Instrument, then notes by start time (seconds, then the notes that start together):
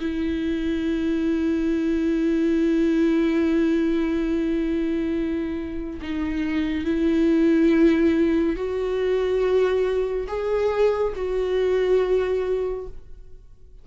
viola
0.00 E4
6.02 D#4
6.85 E4
8.56 F#4
10.28 G#4
11.16 F#4